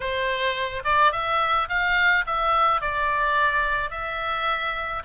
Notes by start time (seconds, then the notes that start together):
0.00 C5
0.84 D5
1.12 E5
1.68 F5
2.26 E5
2.81 D5
3.90 E5